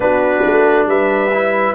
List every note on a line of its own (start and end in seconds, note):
0.00 0.43 B3
0.00 1.30 D4
0.00 0.88 F#4
0.00 0.88 B4
0.45 0.86 A3
0.86 1.74 G3
0.86 1.74 B4
0.86 1.74 E5
1.33 1.74 E4